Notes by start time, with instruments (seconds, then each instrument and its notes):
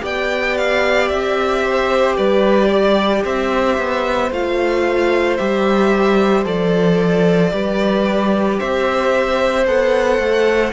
0.00 cello B3, viola G4, violin D5 G5
0.57 violin F5
1.08 cello C4, violin E5
1.64 violin C5
2.16 cello G3, violin B4 D5
2.69 violin D5
3.24 cello C4, violin C5 E5
3.77 cello B3
4.31 cello A3, viola F4, violin F5
5.37 cello G3, viola G4, violin E5
6.44 cello F3, viola A4, violin D5
7.50 cello G3, viola G4, violin B4
8.59 cello C4, violin C5 E5
9.66 cello B3, viola A4, violin F#5
10.18 cello A3